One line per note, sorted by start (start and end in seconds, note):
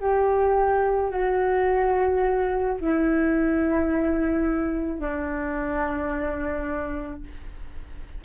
0.00 1.11 G4
1.11 2.77 F#4
2.80 5.00 E4
5.00 7.22 D4